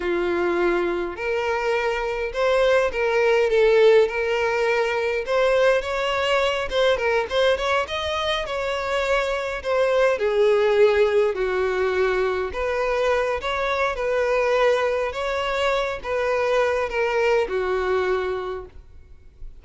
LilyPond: \new Staff \with { instrumentName = "violin" } { \time 4/4 \tempo 4 = 103 f'2 ais'2 | c''4 ais'4 a'4 ais'4~ | ais'4 c''4 cis''4. c''8 | ais'8 c''8 cis''8 dis''4 cis''4.~ |
cis''8 c''4 gis'2 fis'8~ | fis'4. b'4. cis''4 | b'2 cis''4. b'8~ | b'4 ais'4 fis'2 | }